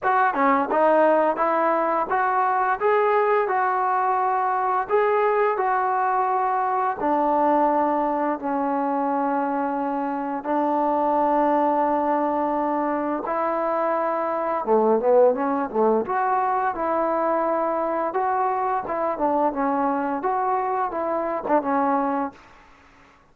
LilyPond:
\new Staff \with { instrumentName = "trombone" } { \time 4/4 \tempo 4 = 86 fis'8 cis'8 dis'4 e'4 fis'4 | gis'4 fis'2 gis'4 | fis'2 d'2 | cis'2. d'4~ |
d'2. e'4~ | e'4 a8 b8 cis'8 a8 fis'4 | e'2 fis'4 e'8 d'8 | cis'4 fis'4 e'8. d'16 cis'4 | }